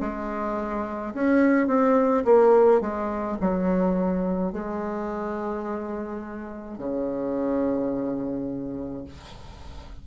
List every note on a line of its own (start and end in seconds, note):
0.00 1.13 G#3
1.14 1.67 C#4
1.67 2.23 C4
2.24 2.80 A#3
2.80 3.37 G#3
3.41 4.52 F#3
4.52 6.78 G#3
6.78 9.04 C#3